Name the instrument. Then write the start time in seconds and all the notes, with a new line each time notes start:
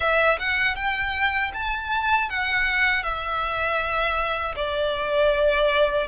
violin
0.00 E5
0.39 F#5
0.75 G5
1.53 A5
2.29 F#5
3.03 E5
4.55 D5